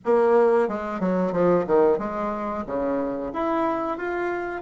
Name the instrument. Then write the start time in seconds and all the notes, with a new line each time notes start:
bassoon
0.05 A#3
0.68 G#3
1.00 F#3
1.32 F3
1.66 D#3
1.98 G#3
2.66 C#3
3.33 E4
3.97 F4